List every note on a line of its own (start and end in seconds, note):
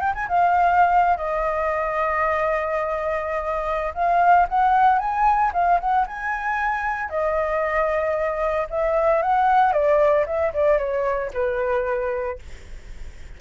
0.00 0.13 G5
0.15 0.28 G#5
0.28 1.17 F5
1.17 3.93 D#5
3.94 4.47 F5
4.49 4.99 F#5
4.99 5.51 G#5
5.53 5.80 F5
5.80 6.06 F#5
6.07 7.09 G#5
7.09 8.67 D#5
8.70 9.22 E5
9.22 9.73 F#5
9.73 10.25 D5
10.26 10.52 E5
10.53 10.78 D5
10.78 11.31 C#5
11.33 12.39 B4